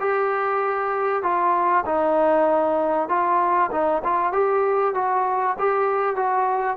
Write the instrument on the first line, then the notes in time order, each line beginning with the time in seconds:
trombone
0.00 G4
1.23 F4
1.86 D#4
3.09 F4
3.72 D#4
4.04 F4
4.33 G4
4.95 F#4
5.59 G4
6.16 F#4